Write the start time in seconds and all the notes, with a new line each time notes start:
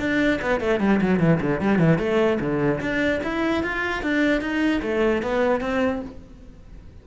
0.00 D4
0.42 B3
0.61 A3
0.81 G3
1.02 F#3
1.20 E3
1.41 D3
1.61 G3
1.79 E3
1.99 A3
2.40 D3
2.81 D4
3.24 E4
3.64 F4
4.03 D4
4.41 D#4
4.82 A3
5.23 B3
5.61 C4